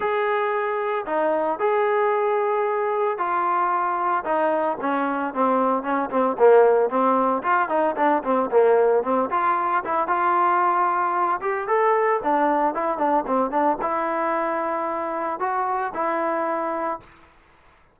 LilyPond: \new Staff \with { instrumentName = "trombone" } { \time 4/4 \tempo 4 = 113 gis'2 dis'4 gis'4~ | gis'2 f'2 | dis'4 cis'4 c'4 cis'8 c'8 | ais4 c'4 f'8 dis'8 d'8 c'8 |
ais4 c'8 f'4 e'8 f'4~ | f'4. g'8 a'4 d'4 | e'8 d'8 c'8 d'8 e'2~ | e'4 fis'4 e'2 | }